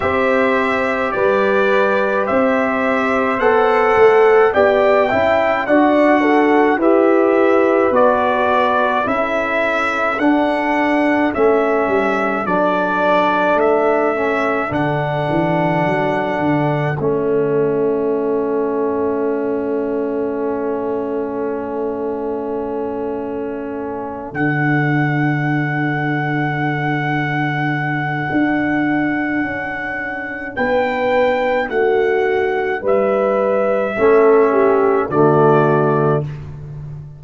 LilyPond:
<<
  \new Staff \with { instrumentName = "trumpet" } { \time 4/4 \tempo 4 = 53 e''4 d''4 e''4 fis''4 | g''4 fis''4 e''4 d''4 | e''4 fis''4 e''4 d''4 | e''4 fis''2 e''4~ |
e''1~ | e''4. fis''2~ fis''8~ | fis''2. g''4 | fis''4 e''2 d''4 | }
  \new Staff \with { instrumentName = "horn" } { \time 4/4 c''4 b'4 c''2 | d''8 e''8 d''8 a'8 b'2 | a'1~ | a'1~ |
a'1~ | a'1~ | a'2. b'4 | fis'4 b'4 a'8 g'8 fis'4 | }
  \new Staff \with { instrumentName = "trombone" } { \time 4/4 g'2. a'4 | g'8 e'8 fis'4 g'4 fis'4 | e'4 d'4 cis'4 d'4~ | d'8 cis'8 d'2 cis'4~ |
cis'1~ | cis'4. d'2~ d'8~ | d'1~ | d'2 cis'4 a4 | }
  \new Staff \with { instrumentName = "tuba" } { \time 4/4 c'4 g4 c'4 b8 a8 | b8 cis'8 d'4 e'4 b4 | cis'4 d'4 a8 g8 fis4 | a4 d8 e8 fis8 d8 a4~ |
a1~ | a4. d2~ d8~ | d4 d'4 cis'4 b4 | a4 g4 a4 d4 | }
>>